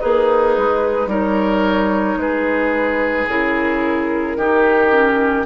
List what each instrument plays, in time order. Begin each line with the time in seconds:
0.00 bassoon A#3, oboe D#4, clarinet G#4, flute B4
0.57 bassoon G#3
1.07 bassoon G3, clarinet D#4, oboe A#4, flute C#5
2.16 bassoon G#3, oboe G#4, flute B4
3.28 bassoon C#3, clarinet E4, flute A#4
4.36 bassoon D#3, clarinet D#4, oboe G4
4.91 clarinet C#4